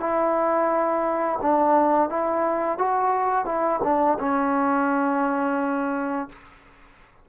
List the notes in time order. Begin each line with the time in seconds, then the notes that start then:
0.00 E4
1.42 D4
2.10 E4
2.78 F#4
3.46 E4
3.84 D4
4.20 C#4